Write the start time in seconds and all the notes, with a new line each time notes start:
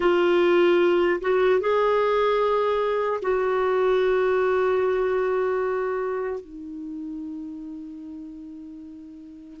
0.00 F4
1.21 F#4
1.60 G#4
3.21 F#4
6.40 D#4